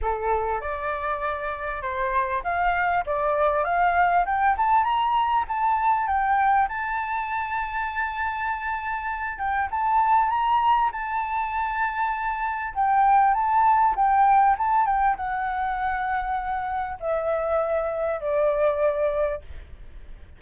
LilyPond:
\new Staff \with { instrumentName = "flute" } { \time 4/4 \tempo 4 = 99 a'4 d''2 c''4 | f''4 d''4 f''4 g''8 a''8 | ais''4 a''4 g''4 a''4~ | a''2.~ a''8 g''8 |
a''4 ais''4 a''2~ | a''4 g''4 a''4 g''4 | a''8 g''8 fis''2. | e''2 d''2 | }